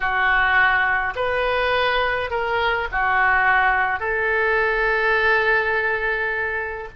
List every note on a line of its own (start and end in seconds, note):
0.00 1.14 F#4
1.15 2.30 B4
2.30 2.87 A#4
2.91 3.99 F#4
3.99 6.88 A4